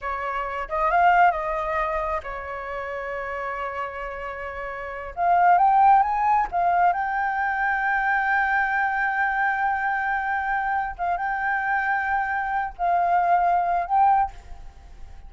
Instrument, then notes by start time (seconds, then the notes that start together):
flute
0.01 C#5
0.69 D#5
0.90 F5
1.31 D#5
2.23 C#5
5.15 F5
5.57 G5
6.02 G#5
6.51 F5
6.92 G5
10.98 F5
11.17 G5
12.78 F5
13.86 G5